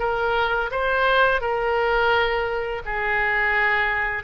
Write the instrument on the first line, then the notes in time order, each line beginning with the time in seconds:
oboe
0.00 A#4
0.72 C5
1.41 A#4
2.86 G#4